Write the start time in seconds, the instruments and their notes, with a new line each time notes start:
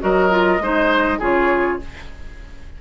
0.00 bassoon F#3, clarinet F#4, oboe A#4, flute D#5
0.30 clarinet F4
0.60 bassoon G#3, clarinet D#4, oboe C5
1.19 bassoon C#3, clarinet F4, oboe G#4, flute C#5